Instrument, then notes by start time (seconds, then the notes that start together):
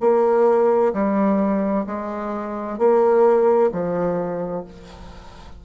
bassoon
0.00 A#3
0.93 G3
1.86 G#3
2.78 A#3
3.72 F3